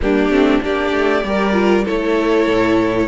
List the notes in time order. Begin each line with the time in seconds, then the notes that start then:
0.01 G3 A#3 D4 G4
0.28 A3 C4
0.60 A#3 D4 G4 D5
0.92 A3
1.23 G3 G4 A#4
1.53 F4
1.84 A3 E4 A4 C#5
2.47 A2